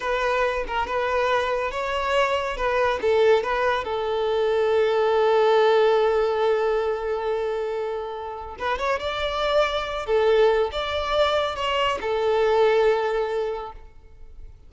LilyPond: \new Staff \with { instrumentName = "violin" } { \time 4/4 \tempo 4 = 140 b'4. ais'8 b'2 | cis''2 b'4 a'4 | b'4 a'2.~ | a'1~ |
a'1 | b'8 cis''8 d''2~ d''8 a'8~ | a'4 d''2 cis''4 | a'1 | }